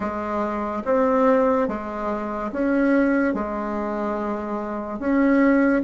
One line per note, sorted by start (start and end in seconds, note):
0.00 0.83 G#3
0.84 1.67 C4
1.67 2.51 G#3
2.52 3.34 C#4
3.34 4.98 G#3
4.98 5.82 C#4